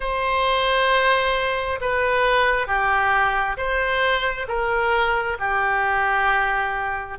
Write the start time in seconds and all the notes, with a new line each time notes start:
0.00 C5
1.80 B4
2.67 G4
3.57 C5
4.48 A#4
5.39 G4